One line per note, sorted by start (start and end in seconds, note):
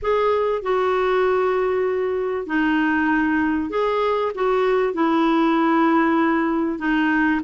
0.02 0.62 G#4
0.62 2.46 F#4
2.46 3.70 D#4
3.70 4.32 G#4
4.34 4.93 F#4
4.93 6.78 E4
6.78 7.40 D#4